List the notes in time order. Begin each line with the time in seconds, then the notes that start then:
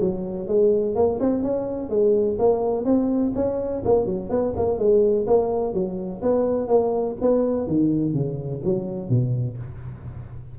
0.00 F#3
0.47 G#3
0.95 A#3
1.20 C4
1.42 C#4
1.89 G#3
2.38 A#3
2.85 C4
3.35 C#4
3.84 A#3
4.05 F#3
4.29 B3
4.56 A#3
4.78 G#3
5.26 A#3
5.73 F#3
6.22 B3
6.67 A#3
7.21 B3
7.67 D#3
8.13 C#3
8.64 F#3
9.09 B2